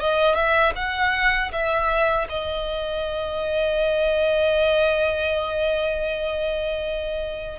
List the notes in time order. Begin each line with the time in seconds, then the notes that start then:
0.00 D#5
0.35 E5
0.76 F#5
1.52 E5
2.29 D#5